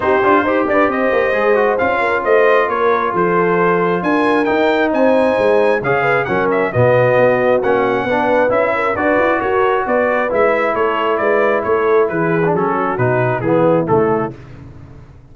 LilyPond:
<<
  \new Staff \with { instrumentName = "trumpet" } { \time 4/4 \tempo 4 = 134 c''4. d''8 dis''2 | f''4 dis''4 cis''4 c''4~ | c''4 gis''4 g''4 gis''4~ | gis''4 f''4 fis''8 e''8 dis''4~ |
dis''4 fis''2 e''4 | d''4 cis''4 d''4 e''4 | cis''4 d''4 cis''4 b'4 | a'4 b'4 gis'4 a'4 | }
  \new Staff \with { instrumentName = "horn" } { \time 4/4 g'4 c''8 b'8 c''2~ | c''8 ais'8 c''4 ais'4 a'4~ | a'4 ais'2 c''4~ | c''4 cis''8 b'8 ais'4 fis'4~ |
fis'2 b'4. ais'8 | b'4 ais'4 b'2 | a'4 b'4 a'4 gis'4~ | gis'8 fis'4. e'2 | }
  \new Staff \with { instrumentName = "trombone" } { \time 4/4 dis'8 f'8 g'2 gis'8 fis'8 | f'1~ | f'2 dis'2~ | dis'4 gis'4 cis'4 b4~ |
b4 cis'4 d'4 e'4 | fis'2. e'4~ | e'2.~ e'8. d'16 | cis'4 dis'4 b4 a4 | }
  \new Staff \with { instrumentName = "tuba" } { \time 4/4 c'8 d'8 dis'8 d'8 c'8 ais8 gis4 | cis'4 a4 ais4 f4~ | f4 d'4 dis'4 c'4 | gis4 cis4 fis4 b,4 |
b4 ais4 b4 cis'4 | d'8 e'8 fis'4 b4 gis4 | a4 gis4 a4 e4 | fis4 b,4 e4 cis4 | }
>>